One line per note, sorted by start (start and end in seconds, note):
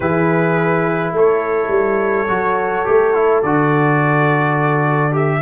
0.00 1.12 E3
0.00 2.27 E4
0.00 1.13 G#4
0.00 1.13 B4
1.12 1.69 A3
1.12 5.42 A4
1.12 3.42 C#5
1.69 2.26 G3
2.27 2.86 F#3
2.27 2.85 F#4
2.85 3.43 A3
2.85 3.13 G4
3.13 3.42 E4
3.42 5.42 D3
3.42 5.11 F#4
3.42 5.14 D5
5.11 5.40 G4
5.11 5.42 E5